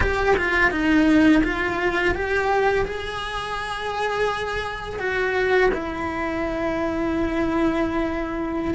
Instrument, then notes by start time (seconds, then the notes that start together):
cello
0.00 G4
0.36 F4
0.70 D#4
1.43 F4
2.14 G4
2.85 G#4
4.99 F#4
5.73 E4